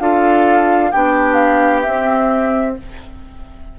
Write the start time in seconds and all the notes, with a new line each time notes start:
0.00 D4 F4 A4 F5
0.91 B3 D4 G4 G5
1.35 F5
1.82 C4 E5